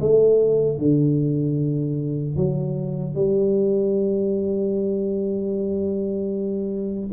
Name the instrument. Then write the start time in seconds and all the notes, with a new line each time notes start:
tuba
0.00 A3
0.78 D3
2.36 F#3
3.15 G3